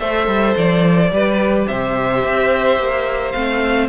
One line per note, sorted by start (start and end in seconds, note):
0.00 0.27 A3
0.00 1.12 A4
0.00 1.11 C5
0.00 0.56 E5
0.27 0.55 G3
0.57 1.11 F3
0.57 1.67 D5
1.11 1.67 G3
1.11 3.35 G4
1.11 1.68 B4
1.67 2.24 C3
1.67 3.89 C5
1.67 3.32 E5
2.24 2.78 C4
2.78 3.34 A#3
3.32 3.89 A3
3.32 3.89 C4
3.32 3.88 F5